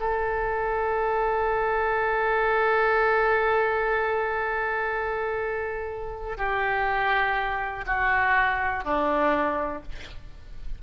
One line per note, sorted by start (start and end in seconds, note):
0.00 6.38 A4
6.38 7.85 G4
7.86 8.85 F#4
8.85 9.83 D4